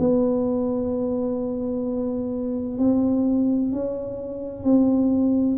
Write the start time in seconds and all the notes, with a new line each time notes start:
0.00 B3
2.79 C4
3.73 C#4
4.64 C4